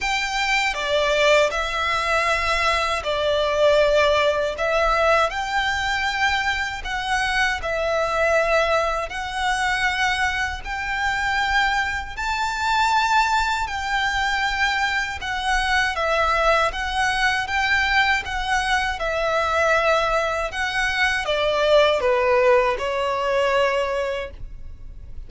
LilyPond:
\new Staff \with { instrumentName = "violin" } { \time 4/4 \tempo 4 = 79 g''4 d''4 e''2 | d''2 e''4 g''4~ | g''4 fis''4 e''2 | fis''2 g''2 |
a''2 g''2 | fis''4 e''4 fis''4 g''4 | fis''4 e''2 fis''4 | d''4 b'4 cis''2 | }